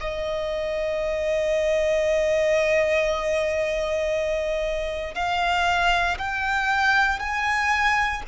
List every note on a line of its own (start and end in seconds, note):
0.00 5.14 D#5
5.14 6.17 F5
6.18 7.19 G5
7.19 8.22 G#5